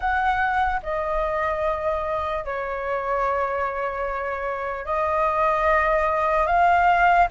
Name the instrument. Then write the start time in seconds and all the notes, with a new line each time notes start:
flute
0.00 F#5
0.82 D#5
2.45 C#5
4.85 D#5
6.46 F5